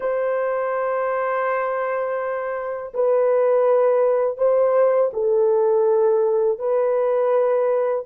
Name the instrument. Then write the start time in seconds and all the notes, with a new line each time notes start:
horn
0.00 C5
2.93 B4
4.37 C5
5.13 A4
6.58 B4